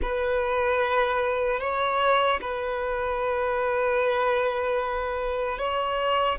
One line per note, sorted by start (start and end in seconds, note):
0.01 1.60 B4
1.60 2.40 C#5
2.41 5.58 B4
5.58 6.38 C#5